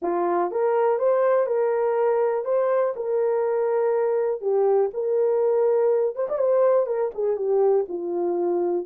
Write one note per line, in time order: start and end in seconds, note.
0.02 0.51 F4
0.51 0.98 A#4
0.98 1.46 C5
1.46 2.44 A#4
2.44 2.94 C5
2.96 4.41 A#4
4.41 4.90 G4
4.93 6.15 A#4
6.15 6.27 C5
6.29 6.38 D5
6.38 6.86 C5
6.86 7.10 A#4
7.14 7.36 G#4
7.36 7.85 G4
7.88 8.86 F4